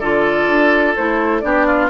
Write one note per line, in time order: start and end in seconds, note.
0.00 0.48 D3
0.00 0.97 F4
0.00 1.42 A4
0.00 0.94 D5
0.48 0.95 D4
0.96 1.44 A3
0.96 1.43 E4
0.96 1.40 C5
1.40 1.91 B3
1.40 1.90 D4
1.40 1.67 G4
1.40 1.87 D5
1.67 1.91 F4